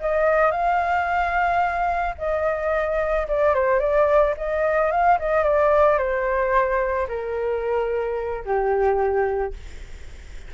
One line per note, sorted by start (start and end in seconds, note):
0.00 0.51 D#5
0.51 2.15 F5
2.18 3.27 D#5
3.28 3.54 D5
3.54 3.80 C5
3.80 4.34 D5
4.37 4.91 D#5
4.91 5.18 F5
5.19 5.43 D#5
5.43 5.98 D5
5.98 7.07 C5
7.08 8.44 A#4
8.45 9.54 G4